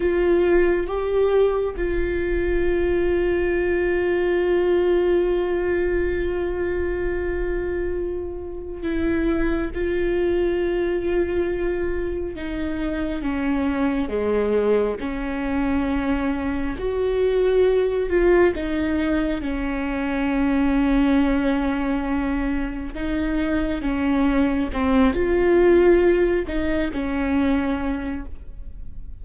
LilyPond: \new Staff \with { instrumentName = "viola" } { \time 4/4 \tempo 4 = 68 f'4 g'4 f'2~ | f'1~ | f'2 e'4 f'4~ | f'2 dis'4 cis'4 |
gis4 cis'2 fis'4~ | fis'8 f'8 dis'4 cis'2~ | cis'2 dis'4 cis'4 | c'8 f'4. dis'8 cis'4. | }